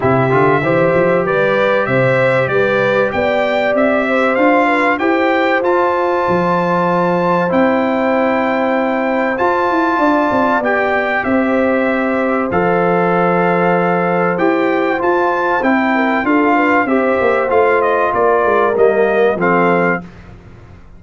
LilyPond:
<<
  \new Staff \with { instrumentName = "trumpet" } { \time 4/4 \tempo 4 = 96 e''2 d''4 e''4 | d''4 g''4 e''4 f''4 | g''4 a''2. | g''2. a''4~ |
a''4 g''4 e''2 | f''2. g''4 | a''4 g''4 f''4 e''4 | f''8 dis''8 d''4 dis''4 f''4 | }
  \new Staff \with { instrumentName = "horn" } { \time 4/4 g'4 c''4 b'4 c''4 | b'4 d''4. c''4 b'8 | c''1~ | c''1 |
d''2 c''2~ | c''1~ | c''4. ais'8 a'8 b'8 c''4~ | c''4 ais'2 a'4 | }
  \new Staff \with { instrumentName = "trombone" } { \time 4/4 e'8 f'8 g'2.~ | g'2. f'4 | g'4 f'2. | e'2. f'4~ |
f'4 g'2. | a'2. g'4 | f'4 e'4 f'4 g'4 | f'2 ais4 c'4 | }
  \new Staff \with { instrumentName = "tuba" } { \time 4/4 c8 d8 e8 f8 g4 c4 | g4 b4 c'4 d'4 | e'4 f'4 f2 | c'2. f'8 e'8 |
d'8 c'8 b4 c'2 | f2. e'4 | f'4 c'4 d'4 c'8 ais8 | a4 ais8 gis8 g4 f4 | }
>>